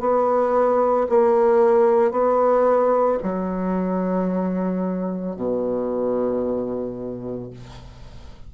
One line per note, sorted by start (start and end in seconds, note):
0.00 1.07 B3
1.09 2.11 A#3
2.11 3.19 B3
3.22 5.36 F#3
5.36 7.50 B2